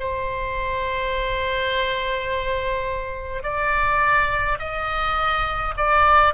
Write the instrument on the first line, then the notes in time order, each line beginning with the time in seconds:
oboe
0.00 C5
3.43 D5
4.59 D#5
5.77 D5